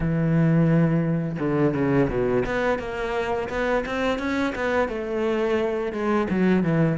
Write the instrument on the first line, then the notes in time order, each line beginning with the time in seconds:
cello
0.00 E3
1.39 D3
1.74 C#3
2.09 B2
2.45 B3
2.78 A#3
3.49 B3
3.85 C4
4.18 C#4
4.55 B3
4.88 A3
5.92 G#3
6.29 F#3
6.63 E3